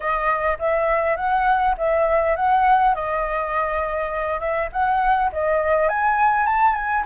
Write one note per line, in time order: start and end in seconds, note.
0.00 0.58 D#5
0.58 1.16 E5
1.16 1.75 F#5
1.77 2.35 E5
2.35 2.94 F#5
2.94 4.40 D#5
4.40 4.69 E5
4.72 5.31 F#5
5.32 5.88 D#5
5.88 6.46 G#5
6.46 6.74 A5
6.74 7.04 G#5